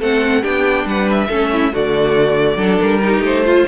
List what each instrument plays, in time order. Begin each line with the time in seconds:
0.00 cello A3, viola C4, violin A4 F#5
0.42 cello B3, viola D4, violin G4 G5
0.86 cello G3, violin B4 F#5
1.11 violin E5
1.29 cello A3, viola C#4, violin A4
1.53 violin E4
1.73 cello D3, viola A3, violin F#4 D5
2.57 cello F#3, viola D4, violin A4
2.81 cello G3, violin A#4
3.02 viola D#4, violin G4
3.21 cello A3, violin C5
3.45 viola F4, violin F4